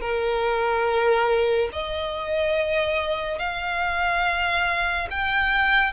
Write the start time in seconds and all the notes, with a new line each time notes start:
0.00 A#4
1.72 D#5
3.38 F5
5.10 G5